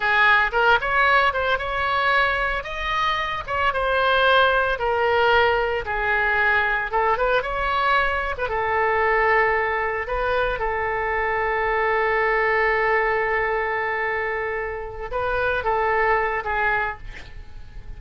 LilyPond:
\new Staff \with { instrumentName = "oboe" } { \time 4/4 \tempo 4 = 113 gis'4 ais'8 cis''4 c''8 cis''4~ | cis''4 dis''4. cis''8 c''4~ | c''4 ais'2 gis'4~ | gis'4 a'8 b'8 cis''4.~ cis''16 b'16 |
a'2. b'4 | a'1~ | a'1~ | a'8 b'4 a'4. gis'4 | }